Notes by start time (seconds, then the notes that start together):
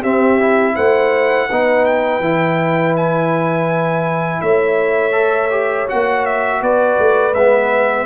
0.00 C4 G4 E5
0.40 E4
0.75 A3 C5 F#5
1.49 B3 D#4 B4
1.85 G5
2.20 E3 E4
2.96 G#5
4.41 A3 C#5 E5
5.12 A4
5.50 G4
5.87 A#3 F#4 F#5
6.25 E5
6.61 B3 B4 D5
6.99 A3
7.33 G#3 B3 E5